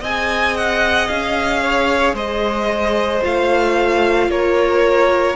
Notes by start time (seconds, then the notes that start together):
0.00 C4 G#4 D#5 G#5
0.57 F#5
1.08 C#4 F5
1.62 C#5
2.13 G#3 C5 D#5
3.21 A3 F4 F5
4.28 A#3 A#4 C#5